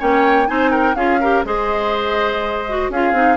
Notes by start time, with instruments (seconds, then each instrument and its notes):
0.00 bassoon A#3, clarinet C#4, oboe C#5, flute G5
0.47 bassoon C4, clarinet D#4, oboe C5, flute G#5
0.71 oboe A#4, flute G5
0.95 bassoon C#4, clarinet F4, oboe G#4, flute F5
1.21 clarinet G4, oboe A#4
1.45 bassoon G#3, clarinet G#4, oboe C5, flute D#5
2.69 clarinet F#4
2.90 bassoon C#4, clarinet F4, oboe G#4, flute F5
3.13 bassoon C4, clarinet D#4